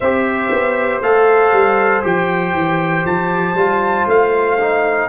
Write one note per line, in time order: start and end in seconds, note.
0.00 0.51 C4
0.00 1.03 G4
0.00 5.08 C5
0.00 1.02 E5
0.51 1.01 B3
1.01 1.52 A3
1.01 2.03 A4
1.01 2.04 F5
1.52 2.03 G3
2.03 2.53 F3
2.03 3.55 G4
2.03 3.06 G5
2.53 3.04 E3
3.05 3.54 F3
3.05 4.07 A5
3.54 4.05 G3
3.54 4.58 F4
4.06 5.08 A3
4.06 5.08 F5
4.59 5.08 D#4